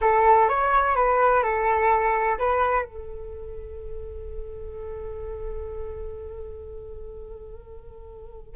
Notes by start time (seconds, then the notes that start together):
0.01 A4
0.48 C#5
0.95 B4
1.42 A4
2.38 B4
2.85 A4